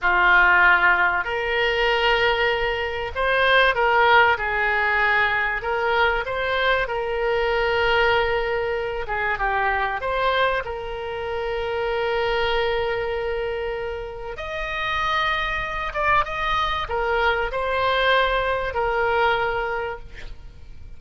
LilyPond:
\new Staff \with { instrumentName = "oboe" } { \time 4/4 \tempo 4 = 96 f'2 ais'2~ | ais'4 c''4 ais'4 gis'4~ | gis'4 ais'4 c''4 ais'4~ | ais'2~ ais'8 gis'8 g'4 |
c''4 ais'2.~ | ais'2. dis''4~ | dis''4. d''8 dis''4 ais'4 | c''2 ais'2 | }